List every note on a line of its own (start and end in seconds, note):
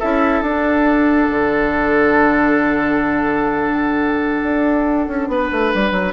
0.00 0.42 C#4
0.00 0.45 E4
0.00 5.29 A4
0.00 0.42 E5
0.42 1.28 D4
0.42 6.13 D4
0.42 6.13 F#5
1.30 4.43 D3
4.43 5.08 D4
5.08 5.29 C#4
5.29 5.50 B3
5.29 6.13 B4
5.52 5.74 A3
5.75 5.92 G3
5.92 6.13 F#3